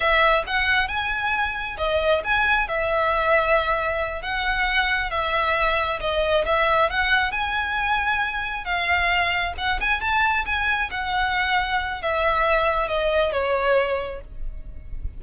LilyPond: \new Staff \with { instrumentName = "violin" } { \time 4/4 \tempo 4 = 135 e''4 fis''4 gis''2 | dis''4 gis''4 e''2~ | e''4. fis''2 e''8~ | e''4. dis''4 e''4 fis''8~ |
fis''8 gis''2. f''8~ | f''4. fis''8 gis''8 a''4 gis''8~ | gis''8 fis''2~ fis''8 e''4~ | e''4 dis''4 cis''2 | }